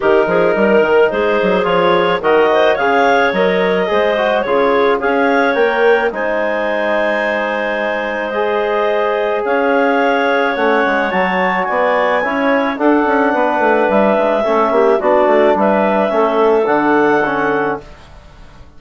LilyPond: <<
  \new Staff \with { instrumentName = "clarinet" } { \time 4/4 \tempo 4 = 108 ais'2 c''4 cis''4 | dis''4 f''4 dis''2 | cis''4 f''4 g''4 gis''4~ | gis''2. dis''4~ |
dis''4 f''2 fis''4 | a''4 gis''2 fis''4~ | fis''4 e''2 d''4 | e''2 fis''2 | }
  \new Staff \with { instrumentName = "clarinet" } { \time 4/4 g'8 gis'8 ais'4 gis'2 | ais'8 c''8 cis''2 c''4 | gis'4 cis''2 c''4~ | c''1~ |
c''4 cis''2.~ | cis''4 d''4 cis''4 a'4 | b'2 a'8 g'8 fis'4 | b'4 a'2. | }
  \new Staff \with { instrumentName = "trombone" } { \time 4/4 dis'2. f'4 | fis'4 gis'4 ais'4 gis'8 fis'8 | f'4 gis'4 ais'4 dis'4~ | dis'2. gis'4~ |
gis'2. cis'4 | fis'2 e'4 d'4~ | d'2 cis'4 d'4~ | d'4 cis'4 d'4 cis'4 | }
  \new Staff \with { instrumentName = "bassoon" } { \time 4/4 dis8 f8 g8 dis8 gis8 fis8 f4 | dis4 cis4 fis4 gis4 | cis4 cis'4 ais4 gis4~ | gis1~ |
gis4 cis'2 a8 gis8 | fis4 b4 cis'4 d'8 cis'8 | b8 a8 g8 gis8 a8 ais8 b8 a8 | g4 a4 d2 | }
>>